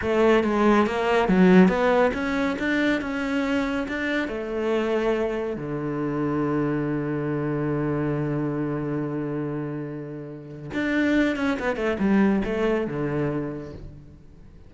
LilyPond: \new Staff \with { instrumentName = "cello" } { \time 4/4 \tempo 4 = 140 a4 gis4 ais4 fis4 | b4 cis'4 d'4 cis'4~ | cis'4 d'4 a2~ | a4 d2.~ |
d1~ | d1~ | d4 d'4. cis'8 b8 a8 | g4 a4 d2 | }